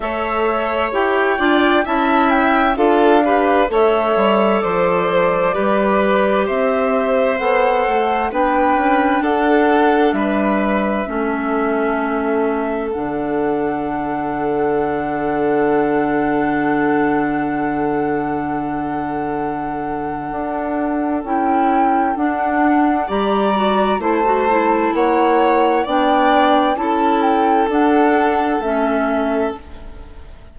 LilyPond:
<<
  \new Staff \with { instrumentName = "flute" } { \time 4/4 \tempo 4 = 65 e''4 g''4 a''8 g''8 f''4 | e''4 d''2 e''4 | fis''4 g''4 fis''4 e''4~ | e''2 fis''2~ |
fis''1~ | fis''2. g''4 | fis''4 ais''4 a''4 fis''4 | g''4 a''8 g''8 fis''4 e''4 | }
  \new Staff \with { instrumentName = "violin" } { \time 4/4 cis''4. d''8 e''4 a'8 b'8 | cis''4 c''4 b'4 c''4~ | c''4 b'4 a'4 b'4 | a'1~ |
a'1~ | a'1~ | a'4 d''4 c''4 cis''4 | d''4 a'2. | }
  \new Staff \with { instrumentName = "clarinet" } { \time 4/4 a'4 g'8 f'8 e'4 f'8 g'8 | a'2 g'2 | a'4 d'2. | cis'2 d'2~ |
d'1~ | d'2. e'4 | d'4 g'8 fis'8 e'16 fis'16 e'4. | d'4 e'4 d'4 cis'4 | }
  \new Staff \with { instrumentName = "bassoon" } { \time 4/4 a4 e'8 d'8 cis'4 d'4 | a8 g8 f4 g4 c'4 | b8 a8 b8 cis'8 d'4 g4 | a2 d2~ |
d1~ | d2 d'4 cis'4 | d'4 g4 a4 ais4 | b4 cis'4 d'4 a4 | }
>>